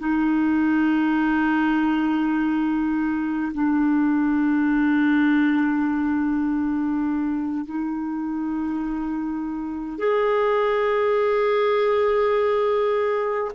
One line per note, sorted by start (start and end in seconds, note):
0.00 3.53 D#4
3.54 7.66 D4
7.66 9.99 D#4
9.99 13.52 G#4